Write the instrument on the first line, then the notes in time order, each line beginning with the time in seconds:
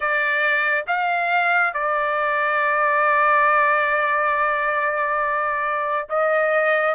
trumpet
0.00 D5
0.87 F5
1.73 D5
6.09 D#5